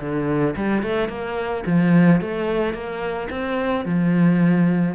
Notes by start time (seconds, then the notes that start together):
0.00 D3
0.56 G3
0.82 A3
1.08 A#3
1.66 F3
2.21 A3
2.74 A#3
3.30 C4
3.85 F3